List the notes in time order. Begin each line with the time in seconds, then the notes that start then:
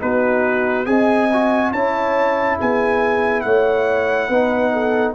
0.00 B3 D#4 F#4 B4
0.85 C4 G#4 D#5 G#5
1.33 F#4
1.71 C#4 E4 C#5 A5
2.59 B3 G#4 G#5
3.41 A3 C#5 F#5
4.29 B3 D#4 B4
4.72 A4